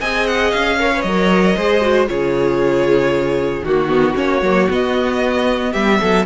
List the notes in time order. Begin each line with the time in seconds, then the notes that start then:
0.00 C4 G#4 D#5 G#5
0.26 F#5
0.51 C#4 F5
0.79 A#4 C#5
0.92 B4
1.01 F#3 A#4 D#5
1.56 G#3 G#4 C5
1.81 F#4
2.07 C#3 F4 G#4 C#5
3.62 D#3 A#3 F#4
3.88 B3
4.14 A#3 C#4 C#5
4.41 F#3 A#3
4.68 B3 D#5
5.72 G3 G4 E5
6.00 F#3 A4